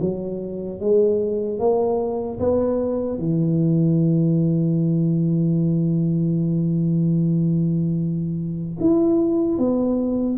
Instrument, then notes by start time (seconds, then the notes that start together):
tuba
0.00 F#3
0.80 G#3
1.59 A#3
2.39 B3
3.18 E3
8.80 E4
9.58 B3